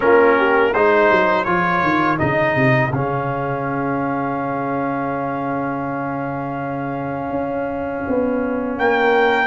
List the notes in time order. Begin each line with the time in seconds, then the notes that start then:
0.00 A#3 C#4 F4 A#4
0.37 G4
0.73 G#3 D#4 G#4 C5
1.10 F#3
1.44 F3 F4 C#5
1.82 D#3
2.18 C#3 D#4 D#5
2.55 C3
2.92 C#3 C#4 F5
7.30 C#4
8.07 B3
8.77 A#3 A#4 G5